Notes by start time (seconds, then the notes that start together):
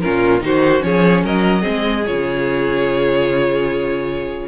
0.00 A#2 C#4 F4 A#4
0.40 D#3 D#4 F#4 C5
0.80 F3 C#4 G#4 C#5
1.24 F#3 A#4 D#5
1.62 C4 G#4
1.68 G#3
2.06 C#3 F4 C#5